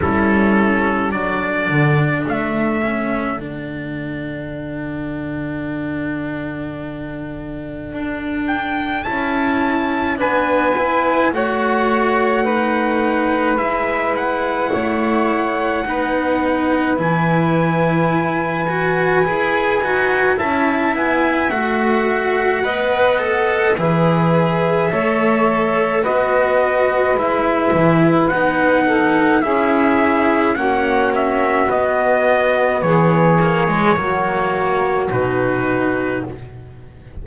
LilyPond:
<<
  \new Staff \with { instrumentName = "trumpet" } { \time 4/4 \tempo 4 = 53 a'4 d''4 e''4 fis''4~ | fis''2.~ fis''8 g''8 | a''4 gis''4 fis''2 | e''8 fis''2~ fis''8 gis''4~ |
gis''2 a''8 gis''8 fis''4~ | fis''4 e''2 dis''4 | e''4 fis''4 e''4 fis''8 e''8 | dis''4 cis''2 b'4 | }
  \new Staff \with { instrumentName = "saxophone" } { \time 4/4 e'4 a'2.~ | a'1~ | a'4 b'4 cis''4 b'4~ | b'4 cis''4 b'2~ |
b'2 e''2 | dis''4 b'4 cis''4 b'4~ | b'4. a'8 gis'4 fis'4~ | fis'4 gis'4 fis'2 | }
  \new Staff \with { instrumentName = "cello" } { \time 4/4 cis'4 d'4. cis'8 d'4~ | d'1 | e'4 d'8 e'8 fis'4 dis'4 | e'2 dis'4 e'4~ |
e'8 fis'8 gis'8 fis'8 e'4 fis'4 | b'8 a'8 gis'4 a'4 fis'4 | e'4 dis'4 e'4 cis'4 | b4. ais16 gis16 ais4 dis'4 | }
  \new Staff \with { instrumentName = "double bass" } { \time 4/4 g4 fis8 d8 a4 d4~ | d2. d'4 | cis'4 b4 a2 | gis4 a4 b4 e4~ |
e4 e'8 dis'8 cis'8 b8 a4 | b4 e4 a4 b4 | gis8 e8 b4 cis'4 ais4 | b4 e4 fis4 b,4 | }
>>